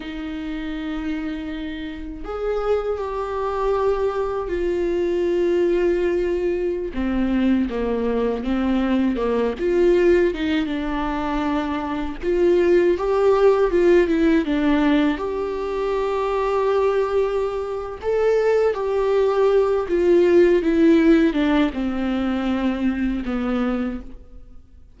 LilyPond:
\new Staff \with { instrumentName = "viola" } { \time 4/4 \tempo 4 = 80 dis'2. gis'4 | g'2 f'2~ | f'4~ f'16 c'4 ais4 c'8.~ | c'16 ais8 f'4 dis'8 d'4.~ d'16~ |
d'16 f'4 g'4 f'8 e'8 d'8.~ | d'16 g'2.~ g'8. | a'4 g'4. f'4 e'8~ | e'8 d'8 c'2 b4 | }